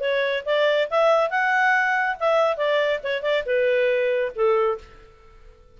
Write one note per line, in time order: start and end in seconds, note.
0.00 0.43 C#5
0.45 0.88 D5
0.90 1.30 E5
1.30 2.16 F#5
2.20 2.57 E5
2.57 3.00 D5
3.03 3.22 C#5
3.22 3.43 D5
3.46 4.32 B4
4.35 4.78 A4